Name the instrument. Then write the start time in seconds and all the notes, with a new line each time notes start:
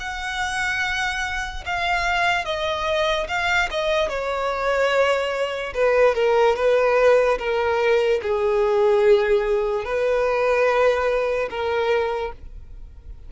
violin
0.00 F#5
1.66 F5
2.45 D#5
3.28 F5
3.71 D#5
4.09 C#5
5.74 B4
6.15 A#4
6.56 B4
7.39 A#4
8.23 G#4
9.85 B4
11.50 A#4